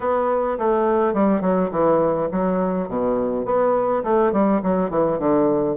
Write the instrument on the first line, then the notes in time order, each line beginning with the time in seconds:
bassoon
0.00 B3
0.58 A3
1.13 G3
1.41 F#3
1.71 E3
2.31 F#3
2.88 B2
3.45 B3
4.03 A3
4.32 G3
4.62 F#3
4.89 E3
5.18 D3